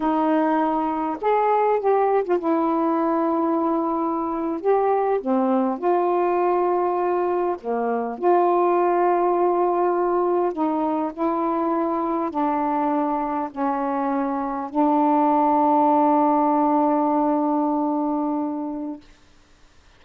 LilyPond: \new Staff \with { instrumentName = "saxophone" } { \time 4/4 \tempo 4 = 101 dis'2 gis'4 g'8. f'16 | e'2.~ e'8. g'16~ | g'8. c'4 f'2~ f'16~ | f'8. ais4 f'2~ f'16~ |
f'4.~ f'16 dis'4 e'4~ e'16~ | e'8. d'2 cis'4~ cis'16~ | cis'8. d'2.~ d'16~ | d'1 | }